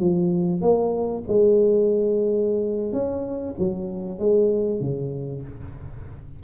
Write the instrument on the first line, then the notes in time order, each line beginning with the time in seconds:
tuba
0.00 F3
0.62 A#3
1.28 G#3
2.93 C#4
3.59 F#3
4.19 G#3
4.81 C#3